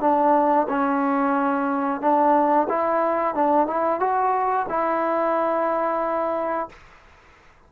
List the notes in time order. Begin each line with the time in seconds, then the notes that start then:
0.00 D4
0.68 C#4
2.01 D4
2.68 E4
3.34 D4
3.67 E4
3.99 F#4
4.69 E4